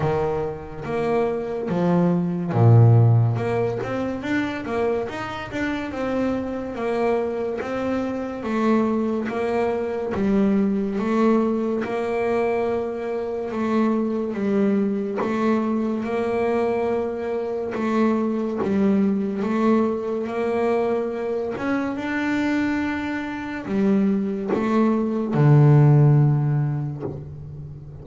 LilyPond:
\new Staff \with { instrumentName = "double bass" } { \time 4/4 \tempo 4 = 71 dis4 ais4 f4 ais,4 | ais8 c'8 d'8 ais8 dis'8 d'8 c'4 | ais4 c'4 a4 ais4 | g4 a4 ais2 |
a4 g4 a4 ais4~ | ais4 a4 g4 a4 | ais4. cis'8 d'2 | g4 a4 d2 | }